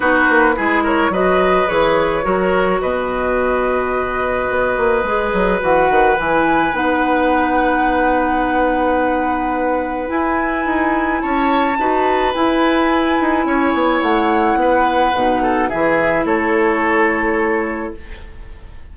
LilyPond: <<
  \new Staff \with { instrumentName = "flute" } { \time 4/4 \tempo 4 = 107 b'4. cis''8 dis''4 cis''4~ | cis''4 dis''2.~ | dis''2 fis''4 gis''4 | fis''1~ |
fis''2 gis''2 | a''2 gis''2~ | gis''4 fis''2. | e''4 cis''2. | }
  \new Staff \with { instrumentName = "oboe" } { \time 4/4 fis'4 gis'8 ais'8 b'2 | ais'4 b'2.~ | b'1~ | b'1~ |
b'1 | cis''4 b'2. | cis''2 b'4. a'8 | gis'4 a'2. | }
  \new Staff \with { instrumentName = "clarinet" } { \time 4/4 dis'4 e'4 fis'4 gis'4 | fis'1~ | fis'4 gis'4 fis'4 e'4 | dis'1~ |
dis'2 e'2~ | e'4 fis'4 e'2~ | e'2. dis'4 | e'1 | }
  \new Staff \with { instrumentName = "bassoon" } { \time 4/4 b8 ais8 gis4 fis4 e4 | fis4 b,2. | b8 ais8 gis8 fis8 e8 dis8 e4 | b1~ |
b2 e'4 dis'4 | cis'4 dis'4 e'4. dis'8 | cis'8 b8 a4 b4 b,4 | e4 a2. | }
>>